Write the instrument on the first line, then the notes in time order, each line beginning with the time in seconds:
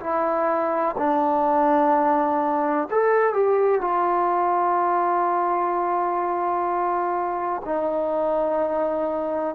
trombone
0.00 E4
0.97 D4
2.90 A4
3.33 G4
3.81 F4
7.65 D#4